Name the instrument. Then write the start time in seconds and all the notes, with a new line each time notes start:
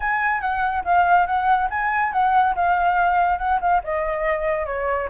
flute
0.00 G#5
0.40 F#5
0.84 F5
1.26 F#5
1.70 G#5
2.12 F#5
2.55 F5
3.38 F#5
3.60 F5
3.83 D#5
4.66 C#5